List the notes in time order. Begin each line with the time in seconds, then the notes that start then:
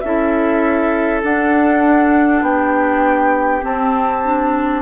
0.00 C#4 E4 A4 E5
1.23 D4 F#5
2.42 B3 G4 G5
3.61 C4 A5
4.24 D4